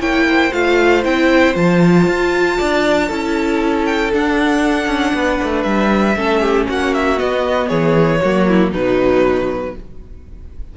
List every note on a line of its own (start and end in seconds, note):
0.00 0.51 A#3
0.00 0.51 E4
0.00 0.26 C#5
0.00 0.53 G5
0.29 2.58 C5
0.53 1.05 A3
0.53 1.04 F4
0.53 1.04 F5
1.04 1.56 C4
1.04 1.54 E4
1.04 1.56 G5
1.54 2.07 F3
1.54 3.08 F4
1.54 3.85 A5
2.08 2.59 F4
2.58 3.11 D4
2.58 3.07 D5
3.07 4.13 C#4
3.07 4.12 E4
3.07 5.12 A4
3.85 4.11 G5
4.12 6.16 D4
4.12 4.87 D4
4.12 5.63 F#5
4.87 5.13 C#4
5.14 5.40 B3
5.14 6.16 B4
5.44 5.65 A3
5.63 6.16 G3
5.63 6.65 E5
6.16 6.68 A3
6.16 7.17 C#4
6.16 6.41 A4
6.41 6.67 G4
6.68 7.20 A#3
6.68 7.68 F#4
6.68 6.94 F#5
6.94 7.19 E5
7.17 8.20 B3
7.17 7.71 B3
7.17 7.68 D#5
7.68 8.22 E3
7.68 8.20 G#4
7.68 8.71 C#5
8.22 8.73 F#3
8.22 8.74 A#3
8.22 8.47 F#4
8.49 8.72 E4
8.72 9.75 B2
8.72 9.77 F#3
8.72 9.74 D#4
8.72 9.76 B4